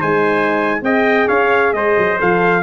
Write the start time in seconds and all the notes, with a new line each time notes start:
0.00 G#3 D#4 C5 G#5
0.82 C4 G#4 D#5 G5
1.28 C#4 C#5 F5
1.73 G#3 C5 D#5
1.98 F#3
2.19 F3 A4 F5